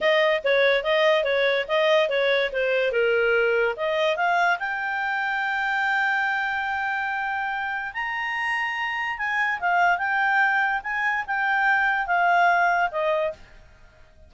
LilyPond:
\new Staff \with { instrumentName = "clarinet" } { \time 4/4 \tempo 4 = 144 dis''4 cis''4 dis''4 cis''4 | dis''4 cis''4 c''4 ais'4~ | ais'4 dis''4 f''4 g''4~ | g''1~ |
g''2. ais''4~ | ais''2 gis''4 f''4 | g''2 gis''4 g''4~ | g''4 f''2 dis''4 | }